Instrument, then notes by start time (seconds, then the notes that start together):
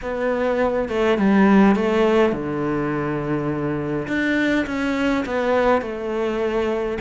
cello
0.02 B3
0.88 A3
1.18 G3
1.75 A3
2.32 D3
4.07 D4
4.66 C#4
5.25 B3
5.81 A3